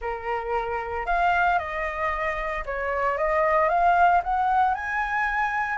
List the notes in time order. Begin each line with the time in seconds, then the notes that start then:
0.01 A#4
1.06 F5
1.58 D#5
2.65 C#5
3.17 D#5
3.68 F5
4.23 F#5
4.74 G#5